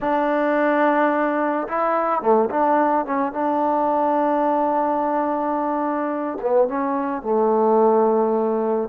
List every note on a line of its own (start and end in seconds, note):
0.00 1.67 D4
1.68 2.21 E4
2.21 2.49 A3
2.50 3.05 D4
3.05 3.32 C#4
3.32 6.38 D4
6.41 6.67 B3
6.67 7.22 C#4
7.22 8.89 A3